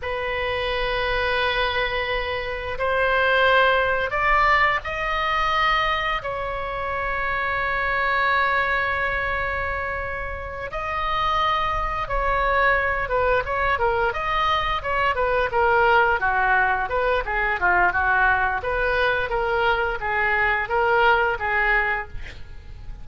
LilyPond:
\new Staff \with { instrumentName = "oboe" } { \time 4/4 \tempo 4 = 87 b'1 | c''2 d''4 dis''4~ | dis''4 cis''2.~ | cis''2.~ cis''8 dis''8~ |
dis''4. cis''4. b'8 cis''8 | ais'8 dis''4 cis''8 b'8 ais'4 fis'8~ | fis'8 b'8 gis'8 f'8 fis'4 b'4 | ais'4 gis'4 ais'4 gis'4 | }